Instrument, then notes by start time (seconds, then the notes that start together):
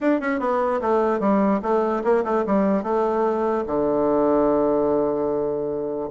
bassoon
0.00 D4
0.20 C#4
0.39 B3
0.81 A3
1.20 G3
1.62 A3
2.03 A#3
2.24 A3
2.46 G3
2.83 A3
3.67 D3